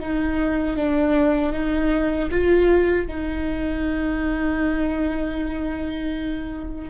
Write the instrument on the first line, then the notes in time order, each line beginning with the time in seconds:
viola
0.00 D#4
0.76 D4
1.52 D#4
2.30 F4
3.07 D#4